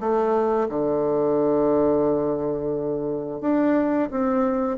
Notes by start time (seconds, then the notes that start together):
0.00 A3
0.69 D3
3.41 D4
4.11 C4